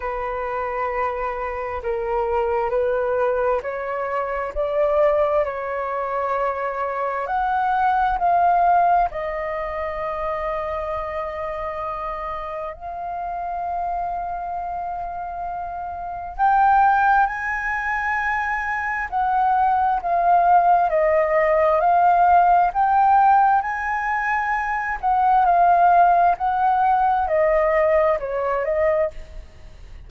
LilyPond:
\new Staff \with { instrumentName = "flute" } { \time 4/4 \tempo 4 = 66 b'2 ais'4 b'4 | cis''4 d''4 cis''2 | fis''4 f''4 dis''2~ | dis''2 f''2~ |
f''2 g''4 gis''4~ | gis''4 fis''4 f''4 dis''4 | f''4 g''4 gis''4. fis''8 | f''4 fis''4 dis''4 cis''8 dis''8 | }